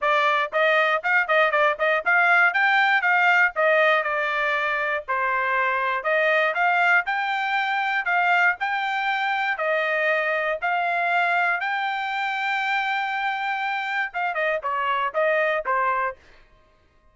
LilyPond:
\new Staff \with { instrumentName = "trumpet" } { \time 4/4 \tempo 4 = 119 d''4 dis''4 f''8 dis''8 d''8 dis''8 | f''4 g''4 f''4 dis''4 | d''2 c''2 | dis''4 f''4 g''2 |
f''4 g''2 dis''4~ | dis''4 f''2 g''4~ | g''1 | f''8 dis''8 cis''4 dis''4 c''4 | }